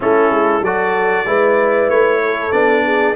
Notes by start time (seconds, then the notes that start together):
0.00 A3 C#4 E4 A4
0.30 G#3
0.61 F#3 F#4 A4 D5
1.25 G#3 E4 B4
1.88 A3 C#5
2.24 A4
2.52 B3 D4 D5
2.85 G#4